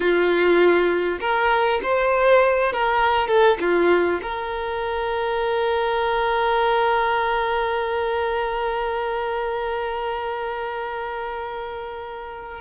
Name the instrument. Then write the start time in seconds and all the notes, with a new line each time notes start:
violin
0.00 F4
1.20 A#4
1.82 C5
2.72 A#4
3.27 A4
3.60 F4
4.22 A#4